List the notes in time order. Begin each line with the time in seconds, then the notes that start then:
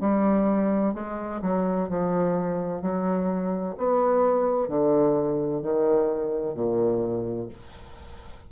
0.00 G3
0.94 G#3
1.42 F#3
1.89 F3
2.81 F#3
3.77 B3
4.68 D3
5.62 D#3
6.55 A#2